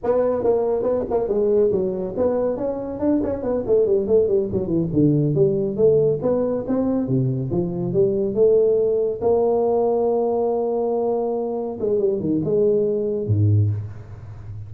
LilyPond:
\new Staff \with { instrumentName = "tuba" } { \time 4/4 \tempo 4 = 140 b4 ais4 b8 ais8 gis4 | fis4 b4 cis'4 d'8 cis'8 | b8 a8 g8 a8 g8 fis8 e8 d8~ | d8 g4 a4 b4 c'8~ |
c'8 c4 f4 g4 a8~ | a4. ais2~ ais8~ | ais2.~ ais8 gis8 | g8 dis8 gis2 gis,4 | }